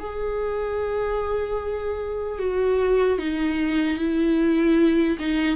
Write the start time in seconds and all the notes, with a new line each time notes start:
0.00 G#4
2.39 F#4
3.19 D#4
3.98 E4
5.20 D#4